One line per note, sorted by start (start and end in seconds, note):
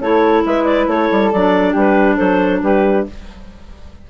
0.00 0.43 A3
0.00 1.32 E4
0.00 0.44 A4
0.00 0.43 C#5
0.45 0.87 G#3
0.45 0.89 B4
0.45 0.64 E5
0.64 0.86 D5
0.87 1.09 A3
0.87 1.72 A4
0.87 1.31 C#5
1.11 1.33 G3
1.31 1.74 F#3
1.31 3.10 D4
1.31 1.75 D5
1.72 2.18 G3
1.72 2.15 G4
1.72 2.16 B4
2.16 2.62 F#3
2.16 2.61 A4
2.16 2.59 C5
2.62 3.06 G3
2.62 3.07 G4
2.62 3.06 B4